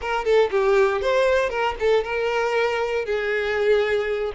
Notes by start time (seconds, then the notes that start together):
0.01 A#4
0.24 A4
0.50 G4
1.01 C5
1.49 A#4
1.79 A4
2.03 A#4
3.05 G#4